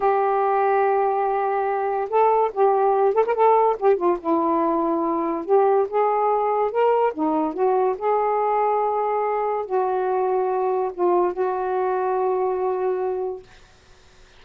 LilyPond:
\new Staff \with { instrumentName = "saxophone" } { \time 4/4 \tempo 4 = 143 g'1~ | g'4 a'4 g'4. a'16 ais'16 | a'4 g'8 f'8 e'2~ | e'4 g'4 gis'2 |
ais'4 dis'4 fis'4 gis'4~ | gis'2. fis'4~ | fis'2 f'4 fis'4~ | fis'1 | }